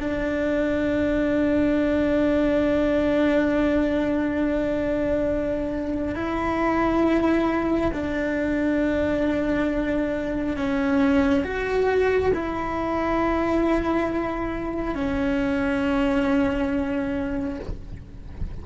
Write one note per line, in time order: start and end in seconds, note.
0.00 6.15 D4
6.15 7.91 E4
7.93 10.56 D4
10.56 11.44 C#4
11.44 12.32 F#4
12.34 14.95 E4
14.95 17.59 C#4